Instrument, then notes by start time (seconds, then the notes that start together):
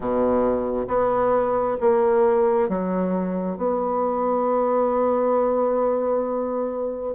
bassoon
0.00 B2
0.87 B3
1.80 A#3
2.69 F#3
3.57 B3